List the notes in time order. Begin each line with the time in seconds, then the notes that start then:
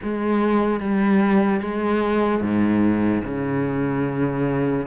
0.03 G#3
0.80 G3
1.60 G#3
2.41 G#2
3.24 C#3